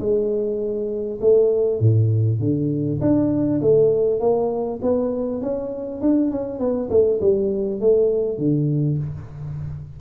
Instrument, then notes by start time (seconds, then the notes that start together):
tuba
0.00 G#3
1.21 A3
1.81 A2
2.40 D3
3.01 D4
3.62 A3
4.21 A#3
4.82 B3
5.42 C#4
6.02 D4
6.32 C#4
6.59 B3
6.91 A3
7.21 G3
7.81 A3
8.38 D3